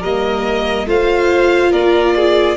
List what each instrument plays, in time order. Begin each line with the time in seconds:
0.00 tuba G3, viola A#3, violin A#4 D#5
0.86 tuba A3, viola F4, violin C5 F5
1.71 tuba A#3, violin A#4 D5
2.15 violin G#4